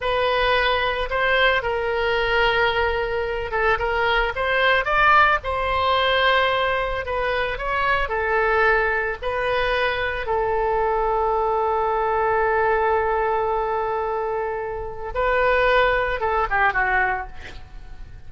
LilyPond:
\new Staff \with { instrumentName = "oboe" } { \time 4/4 \tempo 4 = 111 b'2 c''4 ais'4~ | ais'2~ ais'8 a'8 ais'4 | c''4 d''4 c''2~ | c''4 b'4 cis''4 a'4~ |
a'4 b'2 a'4~ | a'1~ | a'1 | b'2 a'8 g'8 fis'4 | }